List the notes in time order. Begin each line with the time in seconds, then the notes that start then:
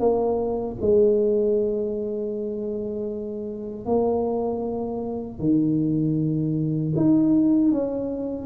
0.00 A#3
0.81 G#3
3.86 A#3
5.40 D#3
6.97 D#4
7.72 C#4